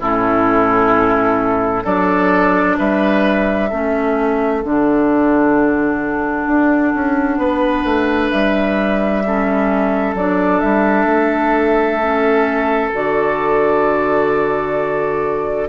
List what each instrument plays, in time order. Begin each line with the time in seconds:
0.00 bassoon A2, clarinet C#4, oboe E4, flute A4
1.84 bassoon F#3, clarinet D4, oboe A4, flute D5
2.78 bassoon G3, oboe B4, flute E5
3.70 bassoon A3, clarinet C#4, oboe A4
4.63 bassoon D3, clarinet D4, flute F#5
6.47 bassoon D4
6.95 bassoon C#4
7.38 bassoon B3, oboe B4
7.84 bassoon A3
8.30 bassoon G3, flute E5
9.25 clarinet C#4, oboe A4
10.14 bassoon F#3, clarinet D4, flute D5
10.60 bassoon G3, flute E5
11.06 bassoon A3
12.01 clarinet C#4
12.92 bassoon D3, clarinet F#4, flute D5